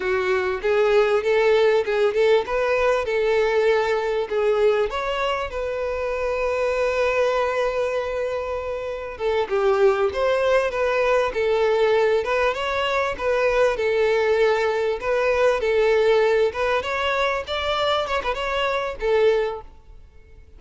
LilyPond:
\new Staff \with { instrumentName = "violin" } { \time 4/4 \tempo 4 = 98 fis'4 gis'4 a'4 gis'8 a'8 | b'4 a'2 gis'4 | cis''4 b'2.~ | b'2. a'8 g'8~ |
g'8 c''4 b'4 a'4. | b'8 cis''4 b'4 a'4.~ | a'8 b'4 a'4. b'8 cis''8~ | cis''8 d''4 cis''16 b'16 cis''4 a'4 | }